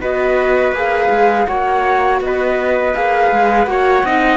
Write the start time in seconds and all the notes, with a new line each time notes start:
0.00 B3 F#4 B4 D#5
0.72 A#3 G#4 F5
1.09 G#3
1.46 A#3 F#4 C#5 F#5
2.20 B3 B4 D#5
2.94 A#3 G#4 F5
3.31 G#3
3.64 A#3 F#4 C#5 F#5
4.03 C4 D#4 D#5